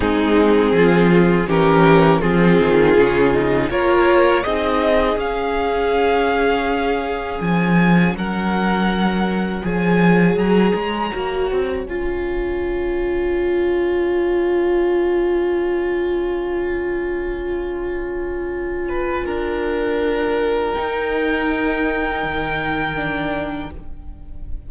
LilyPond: <<
  \new Staff \with { instrumentName = "violin" } { \time 4/4 \tempo 4 = 81 gis'2 ais'4 gis'4~ | gis'4 cis''4 dis''4 f''4~ | f''2 gis''4 fis''4~ | fis''4 gis''4 ais''2 |
gis''1~ | gis''1~ | gis''1 | g''1 | }
  \new Staff \with { instrumentName = "violin" } { \time 4/4 dis'4 f'4 g'4 f'4~ | f'4 ais'4 gis'2~ | gis'2. ais'4~ | ais'4 cis''2.~ |
cis''1~ | cis''1~ | cis''4. b'8 ais'2~ | ais'1 | }
  \new Staff \with { instrumentName = "viola" } { \time 4/4 c'2 cis'4 c'4 | cis'8 dis'8 f'4 dis'4 cis'4~ | cis'1~ | cis'4 gis'2 fis'4 |
f'1~ | f'1~ | f'1 | dis'2. d'4 | }
  \new Staff \with { instrumentName = "cello" } { \time 4/4 gis4 f4 e4 f8 dis8 | cis4 ais4 c'4 cis'4~ | cis'2 f4 fis4~ | fis4 f4 fis8 gis8 ais8 c'8 |
cis'1~ | cis'1~ | cis'2 d'2 | dis'2 dis2 | }
>>